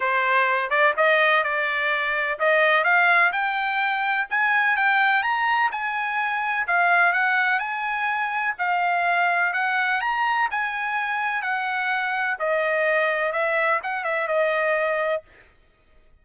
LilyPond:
\new Staff \with { instrumentName = "trumpet" } { \time 4/4 \tempo 4 = 126 c''4. d''8 dis''4 d''4~ | d''4 dis''4 f''4 g''4~ | g''4 gis''4 g''4 ais''4 | gis''2 f''4 fis''4 |
gis''2 f''2 | fis''4 ais''4 gis''2 | fis''2 dis''2 | e''4 fis''8 e''8 dis''2 | }